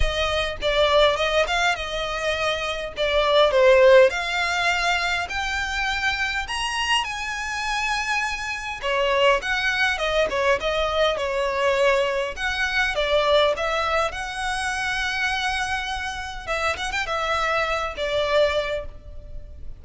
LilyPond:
\new Staff \with { instrumentName = "violin" } { \time 4/4 \tempo 4 = 102 dis''4 d''4 dis''8 f''8 dis''4~ | dis''4 d''4 c''4 f''4~ | f''4 g''2 ais''4 | gis''2. cis''4 |
fis''4 dis''8 cis''8 dis''4 cis''4~ | cis''4 fis''4 d''4 e''4 | fis''1 | e''8 fis''16 g''16 e''4. d''4. | }